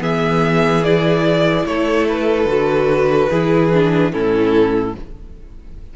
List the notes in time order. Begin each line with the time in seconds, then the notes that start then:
0.00 E3 B3 G#4 E5
0.83 E4 D5
1.66 A3 A4 C#5
2.08 B4
2.45 D3 F#4
3.30 E3 E4 G#4
3.73 D4
4.12 A2 C#4 E4 A4